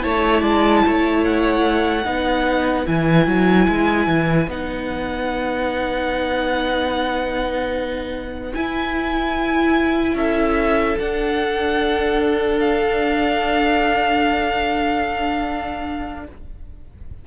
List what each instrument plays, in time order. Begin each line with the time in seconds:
0.00 cello A3, viola E4, violin C#5 A5
0.41 cello G#3, violin D5
0.86 cello A3, violin C#5
1.25 violin F#5
2.04 cello B3, viola D#4, violin B4
2.85 cello E3, viola E4, violin G#5
3.26 cello F#3
3.68 cello G#3
4.07 cello E3
4.47 cello B3, viola D#4, violin F#5
8.53 viola E4, cello E4, violin G#5
10.14 cello C#4, violin A4 E5
10.98 viola D4, cello D4, violin F#5
12.59 violin F5